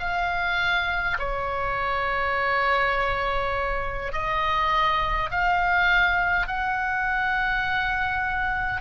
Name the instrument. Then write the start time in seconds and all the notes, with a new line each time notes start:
oboe
0.00 F5
1.19 C#5
4.12 D#5
5.30 F5
6.47 F#5